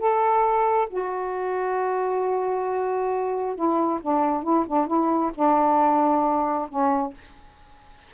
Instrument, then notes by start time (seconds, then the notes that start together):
saxophone
0.00 A4
0.90 F#4
3.56 E4
4.02 D4
4.44 E4
4.68 D4
4.87 E4
5.35 D4
6.69 C#4